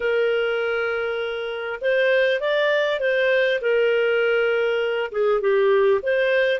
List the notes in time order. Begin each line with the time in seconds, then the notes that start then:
0.00 A#4
1.81 C5
2.40 D5
3.00 C5
3.61 A#4
5.11 G#4
5.41 G4
6.02 C5